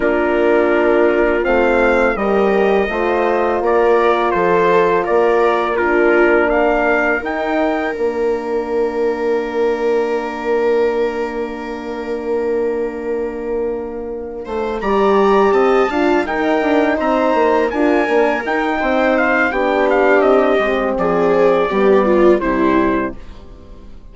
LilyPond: <<
  \new Staff \with { instrumentName = "trumpet" } { \time 4/4 \tempo 4 = 83 ais'2 f''4 dis''4~ | dis''4 d''4 c''4 d''4 | ais'4 f''4 g''4 f''4~ | f''1~ |
f''1~ | f''8 ais''4 a''4 g''4 ais''8~ | ais''8 gis''4 g''4 f''8 g''8 f''8 | dis''4 d''2 c''4 | }
  \new Staff \with { instrumentName = "viola" } { \time 4/4 f'2. ais'4 | c''4 ais'4 a'4 ais'4 | f'4 ais'2.~ | ais'1~ |
ais'1 | c''8 d''4 dis''8 f''8 ais'4 c''8~ | c''8 ais'4. c''4 g'4~ | g'4 gis'4 g'8 f'8 e'4 | }
  \new Staff \with { instrumentName = "horn" } { \time 4/4 d'2 c'4 g'4 | f'1 | d'2 dis'4 d'4~ | d'1~ |
d'1~ | d'8 g'4. f'8 dis'4.~ | dis'8 f'8 d'8 dis'4. d'4~ | d'8 c'4. b4 g4 | }
  \new Staff \with { instrumentName = "bassoon" } { \time 4/4 ais2 a4 g4 | a4 ais4 f4 ais4~ | ais2 dis'4 ais4~ | ais1~ |
ais1 | a8 g4 c'8 d'8 dis'8 d'8 c'8 | ais8 d'8 ais8 dis'8 c'4 b4 | c'8 gis8 f4 g4 c4 | }
>>